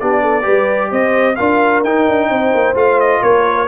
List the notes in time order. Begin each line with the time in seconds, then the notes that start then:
0.00 B3 D4 G4 D5
0.22 A4
0.43 G3 G4 B4
0.91 C4 C5 D#5
1.36 D4 F4 A#4 F5
1.84 D#4 G5
2.08 D4
2.30 C4 C5
2.55 A#3
2.75 A3 F4 F5
3.00 D#5
3.22 A#3 A#4 C#5